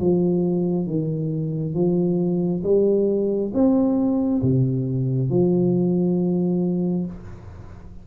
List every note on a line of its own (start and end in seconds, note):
0.00 0.87 F3
0.87 1.74 D#3
1.74 2.62 F3
2.64 3.52 G3
3.54 4.42 C4
4.42 5.30 C3
5.30 7.07 F3